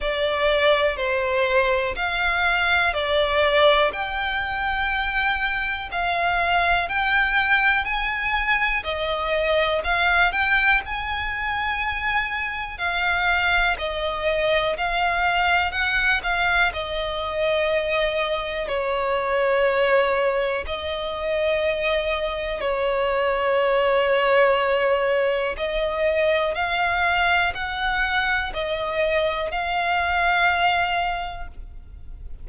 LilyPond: \new Staff \with { instrumentName = "violin" } { \time 4/4 \tempo 4 = 61 d''4 c''4 f''4 d''4 | g''2 f''4 g''4 | gis''4 dis''4 f''8 g''8 gis''4~ | gis''4 f''4 dis''4 f''4 |
fis''8 f''8 dis''2 cis''4~ | cis''4 dis''2 cis''4~ | cis''2 dis''4 f''4 | fis''4 dis''4 f''2 | }